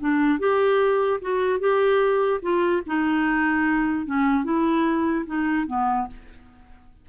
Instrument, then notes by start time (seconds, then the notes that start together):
clarinet
0.00 D4
0.39 G4
1.21 F#4
1.60 G4
2.42 F4
2.86 D#4
4.06 C#4
4.44 E4
5.26 D#4
5.67 B3